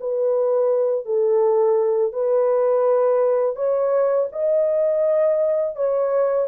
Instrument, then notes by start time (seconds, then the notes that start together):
horn
0.00 B4
1.05 A4
2.12 B4
3.56 C#5
4.32 D#5
5.76 C#5